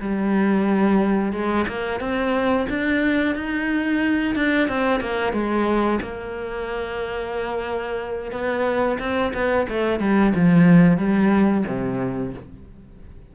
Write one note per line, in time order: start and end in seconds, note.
0.00 1.32 G3
1.32 1.66 G#3
1.68 2.00 A#3
2.00 2.67 C4
2.69 3.35 D4
3.35 4.35 D#4
4.35 4.69 D4
4.69 5.01 C4
5.01 5.33 A#3
5.33 6.00 G#3
6.02 8.32 A#3
8.32 8.98 B3
8.99 9.33 C4
9.34 9.67 B3
9.69 10.00 A3
10.00 10.33 G3
10.35 10.98 F3
10.98 11.65 G3
11.67 12.34 C3